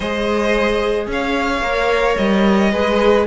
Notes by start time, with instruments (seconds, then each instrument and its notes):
0.00 cello G#3, viola G#4, violin C5 D#5
1.06 cello C#4, violin C#5 F5
1.61 cello A#3, viola A#4
2.16 cello G3, violin D#5
2.72 cello G#3, viola G#4, violin B4